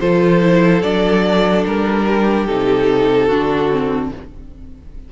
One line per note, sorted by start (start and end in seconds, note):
0.00 0.83 F3
0.00 0.41 F4
0.00 2.06 A4
0.00 0.82 C5
0.41 0.82 E4
0.82 1.65 F#3
0.82 2.48 D4
0.82 1.64 D5
1.66 2.48 G3
1.66 2.46 A#4
2.06 3.27 G4
2.46 3.30 C3
2.46 3.30 D#4
2.46 4.11 A4
3.27 4.12 D3
3.27 3.71 D4
3.27 4.09 F#4
3.71 4.12 C4